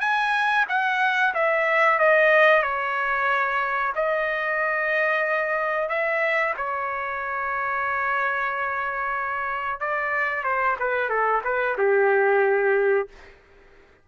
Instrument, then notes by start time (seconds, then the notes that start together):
trumpet
0.00 G#5
0.68 F#5
1.34 E5
1.99 D#5
2.63 C#5
3.95 D#5
5.89 E5
6.57 C#5
9.80 D5
10.44 C5
10.79 B4
11.09 A4
11.44 B4
11.78 G4